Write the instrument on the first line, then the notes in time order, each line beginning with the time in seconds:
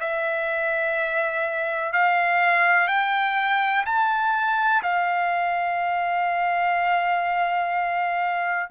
trumpet
0.00 E5
1.93 F5
2.88 G5
3.85 A5
4.83 F5